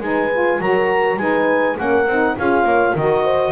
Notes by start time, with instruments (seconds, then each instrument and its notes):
0.00 double bass G#3, saxophone D#4, horn B4, clarinet G#5
0.32 saxophone F4
0.59 double bass F#3, saxophone F#4, horn A#4, clarinet A#5
1.16 double bass G#3, saxophone D#4, horn B4, clarinet G#5
1.76 double bass A#3, saxophone C#4, horn A#4, clarinet F#5
2.06 double bass C4, saxophone D#4
2.37 double bass C#4, saxophone F4, horn G#4, clarinet F5
2.63 double bass A#3, horn C#5
2.95 double bass D#3, saxophone F#4, horn A#4, clarinet D#5
3.23 horn C5